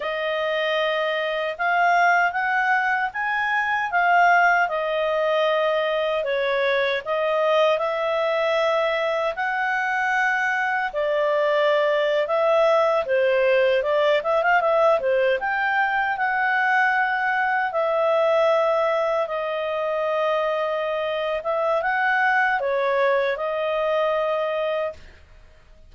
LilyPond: \new Staff \with { instrumentName = "clarinet" } { \time 4/4 \tempo 4 = 77 dis''2 f''4 fis''4 | gis''4 f''4 dis''2 | cis''4 dis''4 e''2 | fis''2 d''4.~ d''16 e''16~ |
e''8. c''4 d''8 e''16 f''16 e''8 c''8 g''16~ | g''8. fis''2 e''4~ e''16~ | e''8. dis''2~ dis''8. e''8 | fis''4 cis''4 dis''2 | }